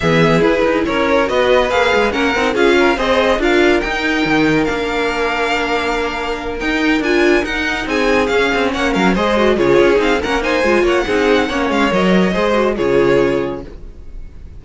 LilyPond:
<<
  \new Staff \with { instrumentName = "violin" } { \time 4/4 \tempo 4 = 141 e''4 b'4 cis''4 dis''4 | f''4 fis''4 f''4 dis''4 | f''4 g''2 f''4~ | f''2.~ f''8 g''8~ |
g''8 gis''4 fis''4 gis''4 f''8~ | f''8 fis''8 f''8 dis''4 cis''4 f''8 | fis''8 gis''4 fis''2 f''8 | dis''2 cis''2 | }
  \new Staff \with { instrumentName = "violin" } { \time 4/4 gis'2 ais'4 b'4~ | b'4 ais'4 gis'8 ais'8 c''4 | ais'1~ | ais'1~ |
ais'2~ ais'8 gis'4.~ | gis'8 cis''8 ais'8 c''4 gis'4. | ais'8 c''4 cis''8 gis'4 cis''4~ | cis''4 c''4 gis'2 | }
  \new Staff \with { instrumentName = "viola" } { \time 4/4 b4 e'2 fis'4 | gis'4 cis'8 dis'8 f'4 gis'4 | f'4 dis'2 d'4~ | d'2.~ d'8 dis'8~ |
dis'8 f'4 dis'2 cis'8~ | cis'4. gis'8 fis'8 f'4 dis'8 | cis'8 dis'8 f'4 dis'4 cis'4 | ais'4 gis'8 fis'8 f'2 | }
  \new Staff \with { instrumentName = "cello" } { \time 4/4 e4 e'8 dis'8 cis'4 b4 | ais8 gis8 ais8 c'8 cis'4 c'4 | d'4 dis'4 dis4 ais4~ | ais2.~ ais8 dis'8~ |
dis'8 d'4 dis'4 c'4 cis'8 | c'8 ais8 fis8 gis4 cis8 cis'8 c'8 | ais4 gis8 ais8 c'4 ais8 gis8 | fis4 gis4 cis2 | }
>>